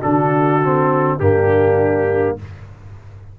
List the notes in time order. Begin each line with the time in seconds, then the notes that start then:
0.00 D3 D4 F#4 A4
0.65 C4
1.19 G2 A#3 D4 G4